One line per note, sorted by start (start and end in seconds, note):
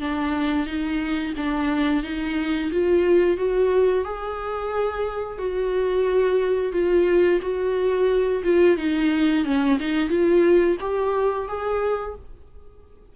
0.00 0.66 D4
0.66 1.33 D#4
1.37 2.03 D4
2.03 2.71 D#4
2.72 3.37 F4
3.37 4.04 F#4
4.04 5.38 G#4
5.38 6.72 F#4
6.72 7.40 F4
7.42 8.43 F#4
8.43 8.77 F4
8.77 9.44 D#4
9.44 9.78 C#4
9.79 10.09 D#4
10.09 10.77 F4
10.80 11.48 G4
11.48 12.15 G#4